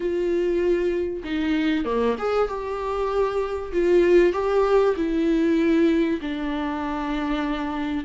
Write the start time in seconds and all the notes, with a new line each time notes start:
0.00 F4
1.24 D#4
1.84 A#3
2.18 G#4
2.48 G4
3.72 F4
4.32 G4
4.96 E4
6.21 D4